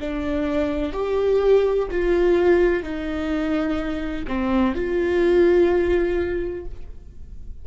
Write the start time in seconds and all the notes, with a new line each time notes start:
0.00 D4
0.93 G4
1.91 F4
2.84 D#4
4.28 C4
4.75 F4